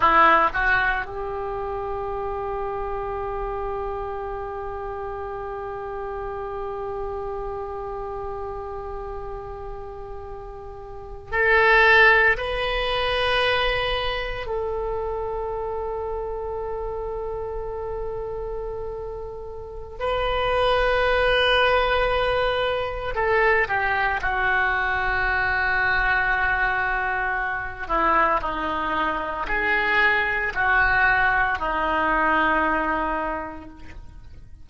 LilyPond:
\new Staff \with { instrumentName = "oboe" } { \time 4/4 \tempo 4 = 57 e'8 fis'8 g'2.~ | g'1~ | g'2~ g'8. a'4 b'16~ | b'4.~ b'16 a'2~ a'16~ |
a'2. b'4~ | b'2 a'8 g'8 fis'4~ | fis'2~ fis'8 e'8 dis'4 | gis'4 fis'4 dis'2 | }